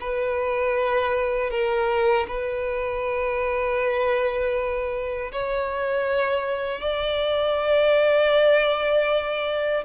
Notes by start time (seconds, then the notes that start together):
0.00 B4
1.50 A#4
2.28 B4
5.32 C#5
6.80 D5